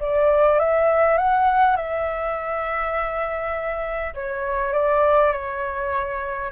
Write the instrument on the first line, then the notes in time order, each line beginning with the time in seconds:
flute
0.00 D5
0.59 E5
1.17 F#5
1.76 E5
4.14 C#5
4.73 D5
5.32 C#5